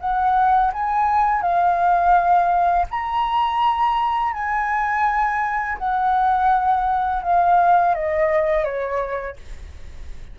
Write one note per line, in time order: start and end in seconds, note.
0.00 0.72 F#5
0.73 1.42 G#5
1.42 2.87 F5
2.91 4.33 A#5
4.33 5.78 G#5
5.79 7.23 F#5
7.23 7.95 F5
7.95 8.65 D#5
8.65 9.37 C#5